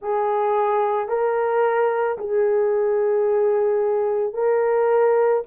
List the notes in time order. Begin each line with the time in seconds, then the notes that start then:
0.01 G#4
1.08 A#4
2.18 G#4
4.33 A#4